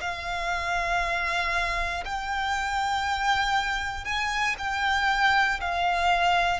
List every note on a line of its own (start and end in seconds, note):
0.00 2.03 F5
2.05 4.04 G5
4.04 4.55 G#5
4.58 5.60 G5
5.60 6.59 F5